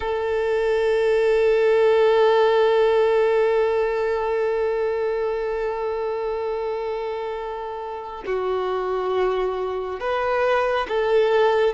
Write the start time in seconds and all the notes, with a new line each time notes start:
0.00 A4
8.26 F#4
10.00 B4
10.88 A4